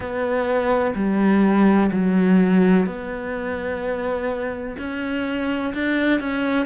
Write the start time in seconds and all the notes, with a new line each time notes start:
0.00 B3
0.95 G3
1.91 F#3
2.86 B3
4.78 C#4
5.74 D4
6.19 C#4